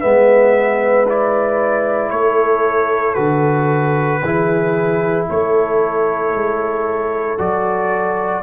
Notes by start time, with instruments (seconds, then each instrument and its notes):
0.00 tuba G#3, trombone B3, horn B4, trumpet E5
1.08 trombone E4, trumpet D5
2.11 tuba A3, horn A4, trumpet C#5
3.14 tuba D3, trombone F#4, trumpet B4
4.22 tuba E3, trombone E4, horn G#4
5.30 tuba A3, horn A4, trumpet C#5
6.34 tuba G#3
7.38 tuba F#3, trombone F#4, trumpet D5